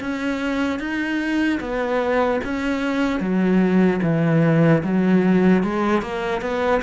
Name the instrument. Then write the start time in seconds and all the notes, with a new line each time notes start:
cello
0.00 C#4
0.79 D#4
1.60 B3
2.44 C#4
3.20 F#3
4.02 E3
4.83 F#3
5.63 G#3
6.01 A#3
6.41 B3